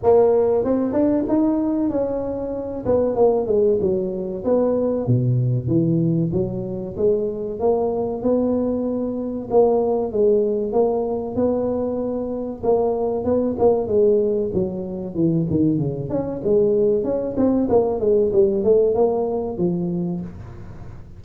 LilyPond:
\new Staff \with { instrumentName = "tuba" } { \time 4/4 \tempo 4 = 95 ais4 c'8 d'8 dis'4 cis'4~ | cis'8 b8 ais8 gis8 fis4 b4 | b,4 e4 fis4 gis4 | ais4 b2 ais4 |
gis4 ais4 b2 | ais4 b8 ais8 gis4 fis4 | e8 dis8 cis8 cis'8 gis4 cis'8 c'8 | ais8 gis8 g8 a8 ais4 f4 | }